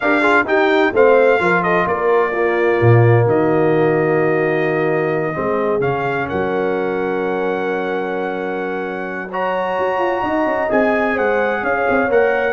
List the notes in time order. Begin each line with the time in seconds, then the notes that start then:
0.00 D4 G4 A#4 F5
0.20 F4 G#4
0.44 D#4 G4 G5
0.93 A3 C4 C5 F5
1.39 F3 F4 A#4
1.62 A4 D#5
1.86 A#3 A#4 D5
2.31 A#3 F4
2.81 A#2
3.25 D#3 F#4 D#5
5.33 G#3 C4 G#4
5.79 C#3 C#4 F5
6.28 F#3 A#4 F#5
9.30 F#4 C#5 A#5
9.79 F#4
9.98 F4
10.22 D#4 D#5
10.46 C#4
10.69 C4 G#4 G#5
11.14 G#3 C5 F#5
11.61 C#4 C#5 F5
11.89 C4
12.09 A#3 A#4 F#5